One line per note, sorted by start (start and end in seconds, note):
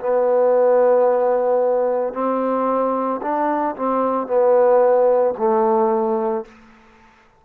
0.00 2.14 B3
2.14 3.21 C4
3.22 3.76 D4
3.76 4.28 C4
4.28 5.35 B3
5.38 6.45 A3